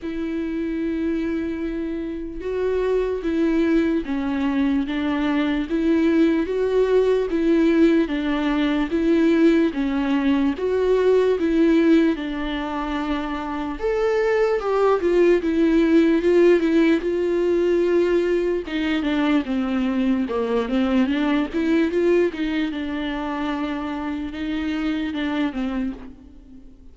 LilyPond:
\new Staff \with { instrumentName = "viola" } { \time 4/4 \tempo 4 = 74 e'2. fis'4 | e'4 cis'4 d'4 e'4 | fis'4 e'4 d'4 e'4 | cis'4 fis'4 e'4 d'4~ |
d'4 a'4 g'8 f'8 e'4 | f'8 e'8 f'2 dis'8 d'8 | c'4 ais8 c'8 d'8 e'8 f'8 dis'8 | d'2 dis'4 d'8 c'8 | }